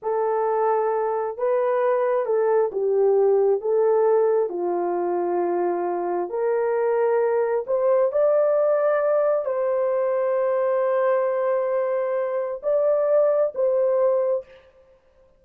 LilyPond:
\new Staff \with { instrumentName = "horn" } { \time 4/4 \tempo 4 = 133 a'2. b'4~ | b'4 a'4 g'2 | a'2 f'2~ | f'2 ais'2~ |
ais'4 c''4 d''2~ | d''4 c''2.~ | c''1 | d''2 c''2 | }